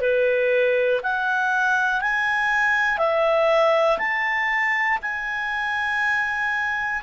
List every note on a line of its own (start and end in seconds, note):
0.00 1.00 B4
1.03 2.00 F#5
2.00 2.98 G#5
2.98 3.98 E5
3.98 4.98 A5
5.02 7.02 G#5